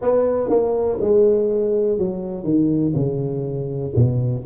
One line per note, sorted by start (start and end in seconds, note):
0.01 0.49 B3
0.49 0.98 A#3
1.00 1.98 G#3
1.98 2.44 F#3
2.44 2.93 D#3
2.95 3.93 C#3
3.95 4.44 B2